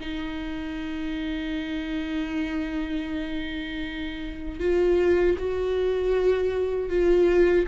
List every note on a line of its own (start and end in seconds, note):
0.00 4.59 D#4
4.59 5.36 F4
5.38 6.89 F#4
6.89 7.66 F4